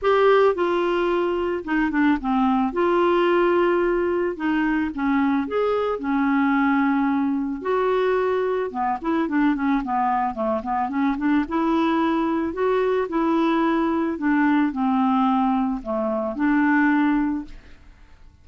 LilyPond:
\new Staff \with { instrumentName = "clarinet" } { \time 4/4 \tempo 4 = 110 g'4 f'2 dis'8 d'8 | c'4 f'2. | dis'4 cis'4 gis'4 cis'4~ | cis'2 fis'2 |
b8 e'8 d'8 cis'8 b4 a8 b8 | cis'8 d'8 e'2 fis'4 | e'2 d'4 c'4~ | c'4 a4 d'2 | }